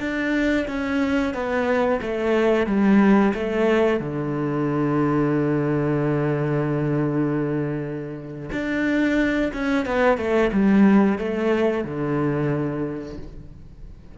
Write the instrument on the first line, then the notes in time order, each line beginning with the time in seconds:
cello
0.00 D4
0.68 C#4
1.34 B3
2.02 A3
2.66 G3
3.34 A3
4.00 D3
8.52 D4
9.53 C#4
9.85 B3
10.18 A3
10.52 G3
11.18 A3
11.84 D3